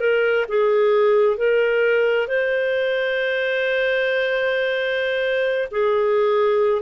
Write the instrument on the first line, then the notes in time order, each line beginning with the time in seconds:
clarinet
0.00 A#4
0.48 G#4
1.37 A#4
2.27 C5
5.71 G#4